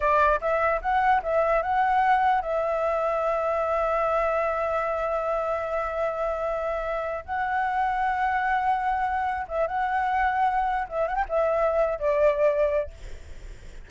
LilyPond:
\new Staff \with { instrumentName = "flute" } { \time 4/4 \tempo 4 = 149 d''4 e''4 fis''4 e''4 | fis''2 e''2~ | e''1~ | e''1~ |
e''2 fis''2~ | fis''2.~ fis''8 e''8 | fis''2. e''8 fis''16 g''16 | e''4.~ e''16 d''2~ d''16 | }